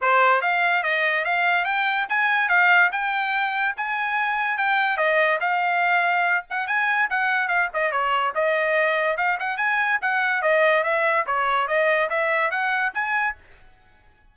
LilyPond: \new Staff \with { instrumentName = "trumpet" } { \time 4/4 \tempo 4 = 144 c''4 f''4 dis''4 f''4 | g''4 gis''4 f''4 g''4~ | g''4 gis''2 g''4 | dis''4 f''2~ f''8 fis''8 |
gis''4 fis''4 f''8 dis''8 cis''4 | dis''2 f''8 fis''8 gis''4 | fis''4 dis''4 e''4 cis''4 | dis''4 e''4 fis''4 gis''4 | }